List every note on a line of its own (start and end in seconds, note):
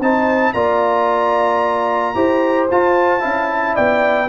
0.00 0.54 C4
0.00 0.55 D#4
0.00 0.55 C5
0.00 0.53 A5
0.53 2.15 A#3
0.53 2.16 F4
0.53 2.16 D5
0.53 2.68 A#5
2.15 2.69 E4
2.15 2.69 G4
2.15 3.23 C5
2.71 3.24 F4
2.71 3.20 F4
2.71 3.76 A5
3.20 3.78 C#4
3.20 4.27 E4
3.20 3.49 F5
3.51 3.75 E5
3.75 4.29 B3
3.75 4.29 D5
3.75 4.29 G5